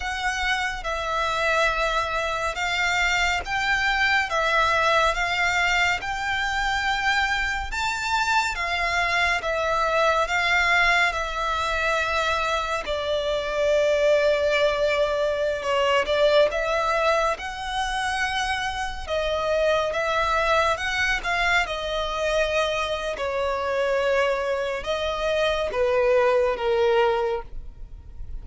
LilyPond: \new Staff \with { instrumentName = "violin" } { \time 4/4 \tempo 4 = 70 fis''4 e''2 f''4 | g''4 e''4 f''4 g''4~ | g''4 a''4 f''4 e''4 | f''4 e''2 d''4~ |
d''2~ d''16 cis''8 d''8 e''8.~ | e''16 fis''2 dis''4 e''8.~ | e''16 fis''8 f''8 dis''4.~ dis''16 cis''4~ | cis''4 dis''4 b'4 ais'4 | }